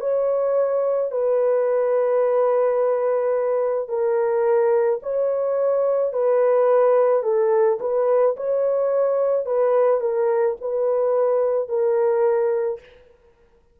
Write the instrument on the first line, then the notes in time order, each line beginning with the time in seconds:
horn
0.00 C#5
1.11 B4
3.88 A#4
5.03 C#5
6.13 B4
7.23 A4
7.80 B4
8.36 C#5
9.45 B4
10.01 A#4
10.61 B4
11.68 A#4